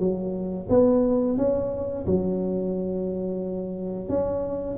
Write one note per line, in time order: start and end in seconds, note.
0.00 0.68 F#3
0.70 1.38 B3
1.38 2.06 C#4
2.07 4.10 F#3
4.10 4.78 C#4